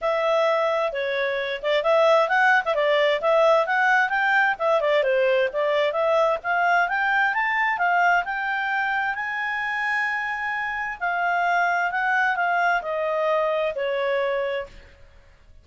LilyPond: \new Staff \with { instrumentName = "clarinet" } { \time 4/4 \tempo 4 = 131 e''2 cis''4. d''8 | e''4 fis''8. e''16 d''4 e''4 | fis''4 g''4 e''8 d''8 c''4 | d''4 e''4 f''4 g''4 |
a''4 f''4 g''2 | gis''1 | f''2 fis''4 f''4 | dis''2 cis''2 | }